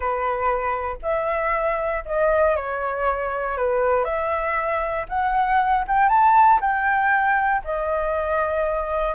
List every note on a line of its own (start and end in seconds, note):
0.00 0.97 B4
1.02 2.03 E5
2.05 2.56 D#5
2.56 3.57 C#5
3.57 4.04 B4
4.04 5.06 E5
5.08 5.85 F#5
5.87 6.08 G5
6.08 6.59 A5
6.60 7.62 G5
7.64 9.15 D#5